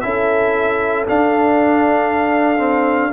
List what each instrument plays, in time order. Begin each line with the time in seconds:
0.00 tuba C#4, trombone E4, horn A4, trumpet E5
1.06 trombone D4, tuba D4, trumpet F5
2.58 trombone C4